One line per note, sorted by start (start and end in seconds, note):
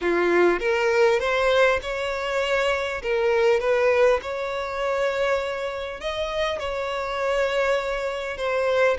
0.01 0.59 F4
0.59 1.19 A#4
1.19 1.79 C5
1.81 3.02 C#5
3.02 3.60 A#4
3.60 4.20 B4
4.21 6.00 C#5
6.00 6.59 D#5
6.59 8.37 C#5
8.37 8.97 C5